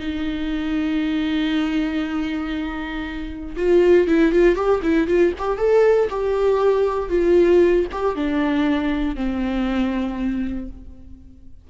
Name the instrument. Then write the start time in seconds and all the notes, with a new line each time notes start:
viola
0.00 D#4
3.57 F4
4.07 E4
4.32 F4
4.55 G4
4.83 E4
5.07 F4
5.38 G4
5.58 A4
6.10 G4
7.10 F4
7.92 G4
8.15 D4
9.15 C4